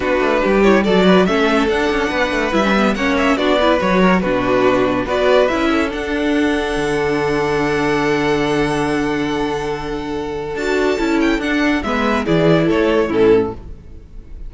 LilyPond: <<
  \new Staff \with { instrumentName = "violin" } { \time 4/4 \tempo 4 = 142 b'4. cis''8 d''4 e''4 | fis''2 e''4 fis''8 e''8 | d''4 cis''4 b'2 | d''4 e''4 fis''2~ |
fis''1~ | fis''1~ | fis''4 a''4. g''8 fis''4 | e''4 d''4 cis''4 a'4 | }
  \new Staff \with { instrumentName = "violin" } { \time 4/4 fis'4 g'4 a'8 b'8 a'4~ | a'4 b'2 cis''4 | fis'8 b'4 ais'8 fis'2 | b'4. a'2~ a'8~ |
a'1~ | a'1~ | a'1 | b'4 gis'4 a'4 e'4 | }
  \new Staff \with { instrumentName = "viola" } { \time 4/4 d'4. e'8 fis'4 cis'4 | d'2 e'16 cis'16 b8 cis'4 | d'8 e'8 fis'4 d'2 | fis'4 e'4 d'2~ |
d'1~ | d'1~ | d'4 fis'4 e'4 d'4 | b4 e'2 cis'4 | }
  \new Staff \with { instrumentName = "cello" } { \time 4/4 b8 a8 g4 fis4 a4 | d'8 cis'8 b8 a8 g4 ais4 | b4 fis4 b,2 | b4 cis'4 d'2 |
d1~ | d1~ | d4 d'4 cis'4 d'4 | gis4 e4 a4 a,4 | }
>>